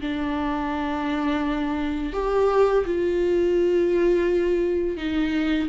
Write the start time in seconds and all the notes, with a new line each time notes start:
0.00 D4
2.13 G4
2.85 F4
4.97 D#4